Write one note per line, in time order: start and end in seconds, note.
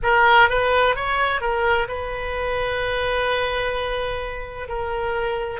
0.03 0.49 A#4
0.49 0.95 B4
0.95 1.41 C#5
1.41 1.87 A#4
1.87 4.68 B4
4.68 5.60 A#4